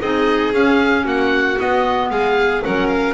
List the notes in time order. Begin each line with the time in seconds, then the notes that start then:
0.00 C4 D#4 G#4 D#5
0.52 C#4 F5
1.04 A#3 F#4 F#5
1.57 B3 D#5
2.09 G#3 G#4 F5
2.64 F#3 C#4 A#4 F#5
2.87 F5